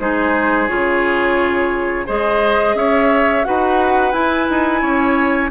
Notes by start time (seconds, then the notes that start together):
0.00 G#3 D#4 G#4 C5
0.68 C#3 F4 C#5
2.07 G#3 G#4 C5 D#5
2.75 C#4 C#5 E5
3.44 D#4 F#4 B4 F#5
4.12 E4 G#5
4.50 D#4
4.82 C#4 C#5